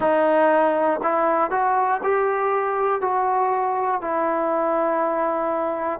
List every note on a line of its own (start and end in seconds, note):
0.00 1.00 D#4
1.02 1.50 E4
1.50 2.00 F#4
2.03 3.00 G4
3.00 4.00 F#4
4.01 5.99 E4